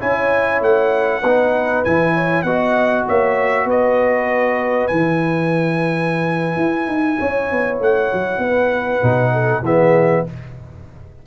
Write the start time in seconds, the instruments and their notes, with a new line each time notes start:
0.00 tuba C#4, trombone E4, horn C#5, trumpet G#5
0.61 tuba A3, trumpet F#5
1.21 tuba B3, trombone D#4, horn B4
1.85 tuba E3, trombone E4, trumpet G#5
2.14 horn C#5
2.43 tuba B3, trombone F#4, horn D#5, trumpet F#5
3.08 tuba A#3, horn C#5, trumpet E5
3.65 tuba B3, horn B4, trumpet D#5
4.87 tuba E3, trombone E4, trumpet G#5
6.57 tuba E4
6.87 tuba D#4
7.19 tuba C#4, horn C#5
7.51 tuba B3
7.80 tuba A3, trumpet F#5
8.13 tuba F#3
8.38 tuba B3, horn B4
9.02 tuba B2, trombone D#4
9.33 horn A4
9.62 tuba E3, trombone B3, horn G#4, trumpet E5